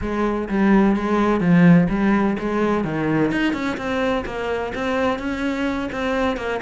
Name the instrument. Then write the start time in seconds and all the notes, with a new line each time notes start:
cello
0.01 G#3
0.49 G3
0.96 G#3
1.40 F3
1.89 G3
2.39 G#3
2.84 D#3
3.31 D#4
3.53 C#4
3.77 C4
4.25 A#3
4.74 C4
5.18 C#4
5.91 C4
6.36 A#3